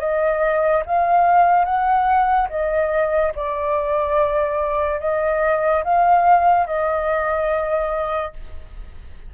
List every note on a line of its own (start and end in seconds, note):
0.00 0.83 D#5
0.86 1.65 F5
1.65 2.48 F#5
2.50 3.33 D#5
3.36 5.00 D5
5.00 5.84 D#5
5.84 6.67 F5
6.67 8.33 D#5